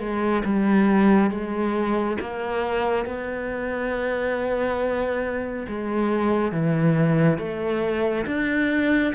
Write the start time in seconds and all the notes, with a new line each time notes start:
0.00 G#3
0.45 G3
1.31 G#3
2.21 A#3
3.06 B3
5.68 G#3
6.52 E3
7.39 A3
8.26 D4